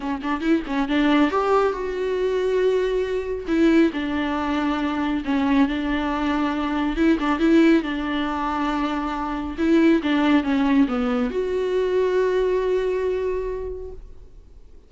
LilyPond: \new Staff \with { instrumentName = "viola" } { \time 4/4 \tempo 4 = 138 cis'8 d'8 e'8 cis'8 d'4 g'4 | fis'1 | e'4 d'2. | cis'4 d'2. |
e'8 d'8 e'4 d'2~ | d'2 e'4 d'4 | cis'4 b4 fis'2~ | fis'1 | }